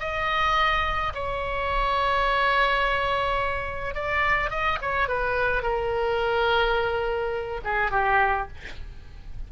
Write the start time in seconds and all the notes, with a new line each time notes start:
0.00 D#5
1.15 C#5
3.95 D5
4.50 D#5
4.82 C#5
5.08 B4
5.63 A#4
7.64 G#4
7.91 G4